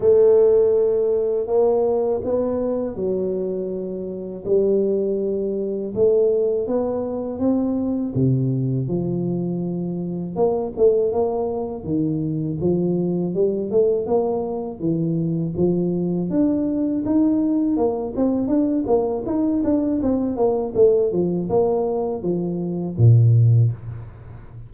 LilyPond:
\new Staff \with { instrumentName = "tuba" } { \time 4/4 \tempo 4 = 81 a2 ais4 b4 | fis2 g2 | a4 b4 c'4 c4 | f2 ais8 a8 ais4 |
dis4 f4 g8 a8 ais4 | e4 f4 d'4 dis'4 | ais8 c'8 d'8 ais8 dis'8 d'8 c'8 ais8 | a8 f8 ais4 f4 ais,4 | }